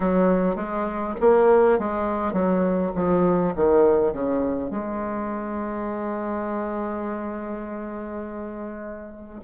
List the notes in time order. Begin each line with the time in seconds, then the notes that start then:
0.00 F#3
0.56 G#3
1.20 A#3
1.79 G#3
2.33 F#3
2.95 F3
3.55 D#3
4.12 C#3
4.70 G#3